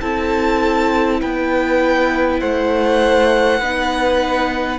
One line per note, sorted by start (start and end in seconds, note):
0.00 1.21 C4
0.00 3.61 E4
0.00 1.20 A4
0.00 1.20 A5
1.20 2.41 B3
1.20 2.40 B4
1.20 2.40 G5
2.40 3.60 A3
2.40 3.60 C5
2.40 4.78 F#5
3.60 4.78 B3
3.60 4.78 D#4
3.60 4.78 B4